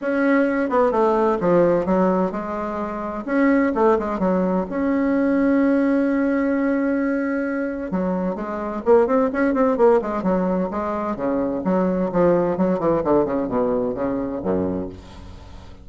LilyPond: \new Staff \with { instrumentName = "bassoon" } { \time 4/4 \tempo 4 = 129 cis'4. b8 a4 f4 | fis4 gis2 cis'4 | a8 gis8 fis4 cis'2~ | cis'1~ |
cis'4 fis4 gis4 ais8 c'8 | cis'8 c'8 ais8 gis8 fis4 gis4 | cis4 fis4 f4 fis8 e8 | d8 cis8 b,4 cis4 fis,4 | }